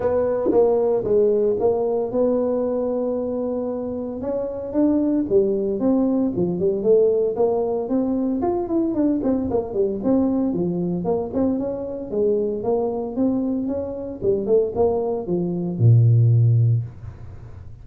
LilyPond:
\new Staff \with { instrumentName = "tuba" } { \time 4/4 \tempo 4 = 114 b4 ais4 gis4 ais4 | b1 | cis'4 d'4 g4 c'4 | f8 g8 a4 ais4 c'4 |
f'8 e'8 d'8 c'8 ais8 g8 c'4 | f4 ais8 c'8 cis'4 gis4 | ais4 c'4 cis'4 g8 a8 | ais4 f4 ais,2 | }